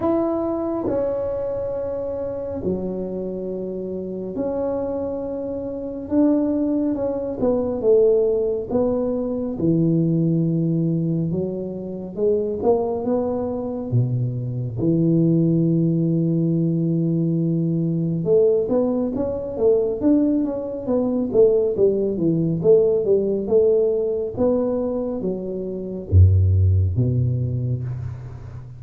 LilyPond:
\new Staff \with { instrumentName = "tuba" } { \time 4/4 \tempo 4 = 69 e'4 cis'2 fis4~ | fis4 cis'2 d'4 | cis'8 b8 a4 b4 e4~ | e4 fis4 gis8 ais8 b4 |
b,4 e2.~ | e4 a8 b8 cis'8 a8 d'8 cis'8 | b8 a8 g8 e8 a8 g8 a4 | b4 fis4 fis,4 b,4 | }